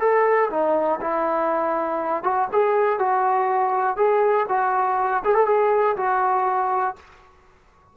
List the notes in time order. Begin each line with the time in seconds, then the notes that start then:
0.00 A4
0.50 D#4
1.01 E4
2.23 F#4
2.52 G#4
2.99 F#4
3.97 G#4
4.49 F#4
5.24 G#4
5.35 A4
5.47 G#4
5.97 F#4